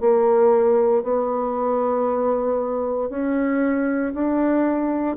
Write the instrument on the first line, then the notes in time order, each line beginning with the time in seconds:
bassoon
0.00 A#3
1.03 B3
3.09 C#4
4.14 D4